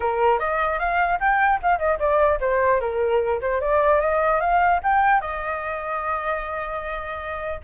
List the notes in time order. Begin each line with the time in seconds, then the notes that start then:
0.00 A#4
0.39 D#5
0.79 F5
1.19 G5
1.62 F5
1.78 D#5
1.99 D5
2.40 C5
2.80 A#4
3.41 C5
3.60 D5
4.00 D#5
4.40 F5
4.83 G5
5.21 D#5